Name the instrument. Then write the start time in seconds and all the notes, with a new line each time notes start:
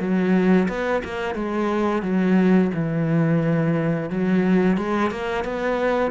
cello
0.00 F#3
0.68 B3
1.04 A#3
1.35 G#3
2.03 F#3
2.74 E3
4.10 F#3
4.77 G#3
5.11 A#3
5.45 B3